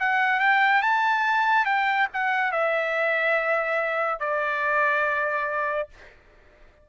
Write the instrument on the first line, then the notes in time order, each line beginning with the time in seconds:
trumpet
0.00 F#5
0.40 G5
0.83 A5
1.66 G5
2.14 F#5
2.52 E5
4.20 D5